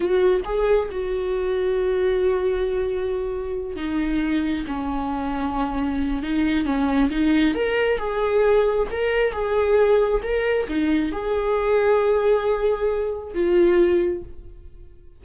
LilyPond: \new Staff \with { instrumentName = "viola" } { \time 4/4 \tempo 4 = 135 fis'4 gis'4 fis'2~ | fis'1~ | fis'8 dis'2 cis'4.~ | cis'2 dis'4 cis'4 |
dis'4 ais'4 gis'2 | ais'4 gis'2 ais'4 | dis'4 gis'2.~ | gis'2 f'2 | }